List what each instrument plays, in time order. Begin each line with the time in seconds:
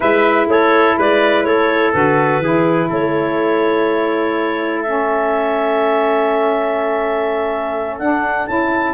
0.00 tuba G#3, saxophone E4, trumpet B4, clarinet E5
0.47 tuba A3, trumpet A4, clarinet C#5
0.97 tuba G#3, trumpet B4, clarinet D5
1.43 tuba A3, trumpet A4, clarinet C#5
1.93 tuba D3, saxophone F#4, clarinet B4
2.39 tuba E3, saxophone E4, trumpet G#4
2.87 tuba A3, trumpet A4, clarinet C#5
4.82 saxophone C#4, clarinet E5
7.98 tuba D4, saxophone D4, clarinet F#5
8.46 tuba C#4, saxophone E4, clarinet A5